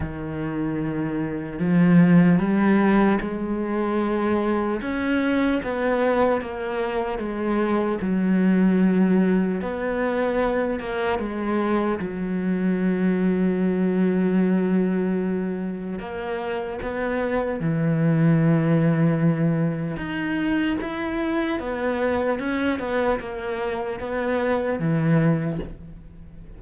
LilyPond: \new Staff \with { instrumentName = "cello" } { \time 4/4 \tempo 4 = 75 dis2 f4 g4 | gis2 cis'4 b4 | ais4 gis4 fis2 | b4. ais8 gis4 fis4~ |
fis1 | ais4 b4 e2~ | e4 dis'4 e'4 b4 | cis'8 b8 ais4 b4 e4 | }